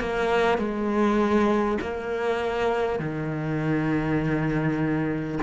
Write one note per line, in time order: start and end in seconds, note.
0.00 0.58 A#3
0.58 1.78 G#3
1.81 2.99 A#3
2.99 5.39 D#3